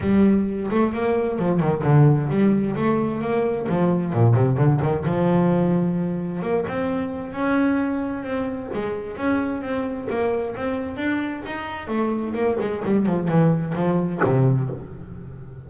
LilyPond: \new Staff \with { instrumentName = "double bass" } { \time 4/4 \tempo 4 = 131 g4. a8 ais4 f8 dis8 | d4 g4 a4 ais4 | f4 ais,8 c8 d8 dis8 f4~ | f2 ais8 c'4. |
cis'2 c'4 gis4 | cis'4 c'4 ais4 c'4 | d'4 dis'4 a4 ais8 gis8 | g8 f8 e4 f4 c4 | }